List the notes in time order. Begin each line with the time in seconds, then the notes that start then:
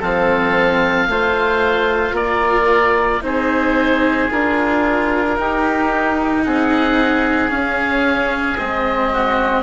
0.00 F3 C4 A4 F5
1.08 A3 F4 C5
2.12 A#3 A#4 D5
3.21 C4 D#4 G#4 C5
4.31 D4 F4 A#4
5.37 D#4 G4
6.44 C4 G#4 F#5
7.49 C#4 F5
8.58 G#3 C4 D#5
9.13 F#4